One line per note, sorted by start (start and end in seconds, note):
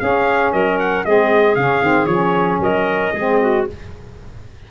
0.00 1.05 C#4
0.00 0.53 C#4
0.00 0.53 G#4
0.00 0.52 F5
0.53 1.05 F#3
0.53 1.05 A#4
0.53 0.79 D#5
0.80 1.05 F#5
1.05 1.56 G#3
1.05 1.57 C4
1.05 2.61 G#4
1.05 1.55 D#5
1.55 1.82 C#3
1.55 1.82 C#4
1.55 2.06 F5
1.82 2.07 D#3
1.82 2.08 C4
2.06 2.59 F3
2.06 3.15 C#4
2.06 2.59 C#5
2.60 3.12 F#3
2.60 3.13 A#4
2.60 3.67 D#5
3.13 3.66 G#3
3.13 3.71 C4
3.13 3.39 G#4
3.41 3.67 F#4